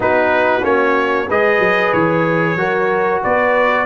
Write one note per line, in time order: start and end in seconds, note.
0.00 0.62 B3
0.00 0.61 D#4
0.00 1.28 F#4
0.00 0.64 B4
0.61 1.26 A#3
0.61 1.26 C#4
0.61 1.29 C#5
1.28 1.59 G#3
1.28 2.58 G#4
1.28 2.57 B4
1.28 1.93 D#5
1.59 1.91 F#3
1.93 2.55 E3
1.93 3.22 C#5
2.55 3.20 F#3
2.55 3.85 F#4
2.55 3.23 A#4
3.23 3.85 B3
3.23 3.85 B4
3.23 3.85 D5